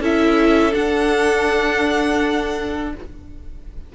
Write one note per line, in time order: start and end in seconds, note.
0.00 0.73 C#4
0.00 0.71 E4
0.00 2.93 A4
0.00 0.74 E5
0.71 2.91 D4
0.71 2.95 D4
0.71 2.93 F#5